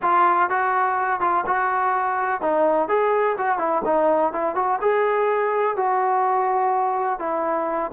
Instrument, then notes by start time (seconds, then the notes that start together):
trombone
0.02 F4
0.49 F#4
1.20 F4
1.46 F#4
2.41 D#4
2.88 G#4
3.37 F#4
3.58 E4
3.84 D#4
4.32 E4
4.55 F#4
4.81 G#4
5.76 F#4
7.19 E4